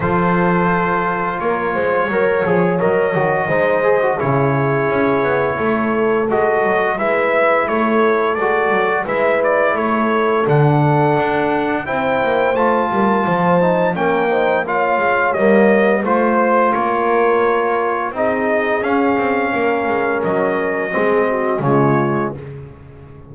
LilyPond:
<<
  \new Staff \with { instrumentName = "trumpet" } { \time 4/4 \tempo 4 = 86 c''2 cis''2 | dis''2 cis''2~ | cis''4 dis''4 e''4 cis''4 | d''4 e''8 d''8 cis''4 fis''4~ |
fis''4 g''4 a''2 | g''4 f''4 dis''4 c''4 | cis''2 dis''4 f''4~ | f''4 dis''2 cis''4 | }
  \new Staff \with { instrumentName = "horn" } { \time 4/4 a'2 ais'8 c''8 cis''4~ | cis''4 c''4 gis'2 | a'2 b'4 a'4~ | a'4 b'4 a'2~ |
a'4 c''4. ais'8 c''4 | ais'8 c''8 cis''2 c''4 | ais'2 gis'2 | ais'2 gis'8 fis'8 f'4 | }
  \new Staff \with { instrumentName = "trombone" } { \time 4/4 f'2. ais'8 gis'8 | ais'8 fis'8 dis'8 gis'16 fis'16 e'2~ | e'4 fis'4 e'2 | fis'4 e'2 d'4~ |
d'4 e'4 f'4. dis'8 | cis'8 dis'8 f'4 ais4 f'4~ | f'2 dis'4 cis'4~ | cis'2 c'4 gis4 | }
  \new Staff \with { instrumentName = "double bass" } { \time 4/4 f2 ais8 gis8 fis8 f8 | fis8 dis8 gis4 cis4 cis'8 b8 | a4 gis8 fis8 gis4 a4 | gis8 fis8 gis4 a4 d4 |
d'4 c'8 ais8 a8 g8 f4 | ais4. gis8 g4 a4 | ais2 c'4 cis'8 c'8 | ais8 gis8 fis4 gis4 cis4 | }
>>